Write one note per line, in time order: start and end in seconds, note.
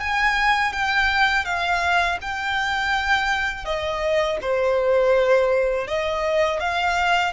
0.00 0.73 G#5
0.73 1.45 G5
1.45 2.18 F5
2.21 3.65 G5
3.65 4.38 D#5
4.41 5.87 C5
5.87 6.60 D#5
6.60 7.32 F5